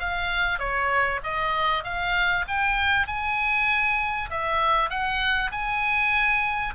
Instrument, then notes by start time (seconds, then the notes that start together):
oboe
0.00 F5
0.60 C#5
1.24 D#5
1.84 F5
2.48 G5
3.08 G#5
4.31 E5
4.90 F#5
5.52 G#5